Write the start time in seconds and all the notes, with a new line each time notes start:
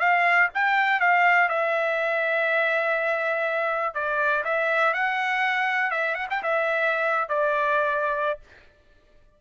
0.00 F5
0.55 G5
1.01 F5
1.49 E5
3.95 D5
4.45 E5
4.94 F#5
5.91 E5
6.15 F#5
6.31 G5
6.43 E5
7.29 D5